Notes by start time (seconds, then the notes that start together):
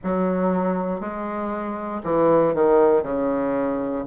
0.03 F#3
1.00 G#3
2.03 E3
2.54 D#3
3.02 C#3